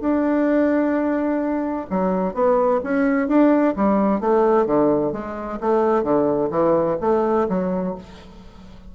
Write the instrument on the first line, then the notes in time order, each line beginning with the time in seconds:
bassoon
0.00 D4
1.90 F#3
2.34 B3
2.83 C#4
3.28 D4
3.76 G3
4.20 A3
4.66 D3
5.12 G#3
5.60 A3
6.03 D3
6.50 E3
7.01 A3
7.48 F#3